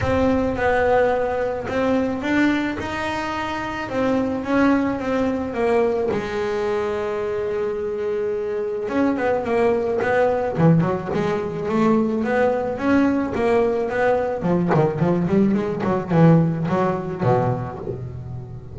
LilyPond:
\new Staff \with { instrumentName = "double bass" } { \time 4/4 \tempo 4 = 108 c'4 b2 c'4 | d'4 dis'2 c'4 | cis'4 c'4 ais4 gis4~ | gis1 |
cis'8 b8 ais4 b4 e8 fis8 | gis4 a4 b4 cis'4 | ais4 b4 f8 dis8 f8 g8 | gis8 fis8 e4 fis4 b,4 | }